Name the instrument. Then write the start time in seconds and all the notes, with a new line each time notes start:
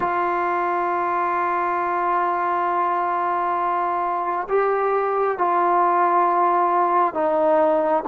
trombone
0.00 F4
4.48 G4
5.38 F4
7.14 D#4